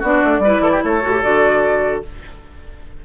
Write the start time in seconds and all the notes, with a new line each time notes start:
0.00 B3 D4 F#4 D5
0.24 A3
0.39 G3 B4
0.46 E4
0.61 E3 A4
0.72 G4
0.84 A3 A4 C#5
1.02 A2 F#4
1.12 G4
1.23 D3 F#4 D5